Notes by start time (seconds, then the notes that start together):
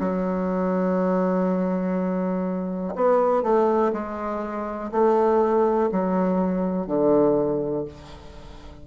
0.00 F#3
2.96 B3
3.43 A3
3.93 G#3
4.92 A3
5.92 F#3
6.87 D3